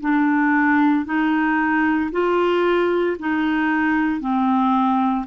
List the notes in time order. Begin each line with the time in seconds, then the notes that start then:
0.00 D4
1.05 D#4
2.11 F4
3.19 D#4
4.20 C4